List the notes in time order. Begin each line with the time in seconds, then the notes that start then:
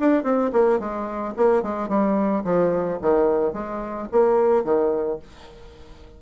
0.00 D4
0.24 C4
0.53 A#3
0.79 G#3
1.37 A#3
1.63 G#3
1.89 G3
2.44 F3
3.01 D#3
3.53 G#3
4.12 A#3
4.64 D#3